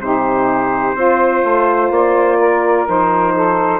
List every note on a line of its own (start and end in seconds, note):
0.00 0.95 C3
0.00 0.96 D#4
0.00 0.96 G4
0.00 1.92 C5
0.95 1.43 C4
0.95 2.86 F4
0.95 2.38 C5
1.45 1.91 A3
1.91 2.86 A#3
1.91 2.88 D5
2.39 3.34 A#4
2.86 3.80 F3
2.86 3.80 D#4
2.86 3.80 C5
3.35 3.80 A4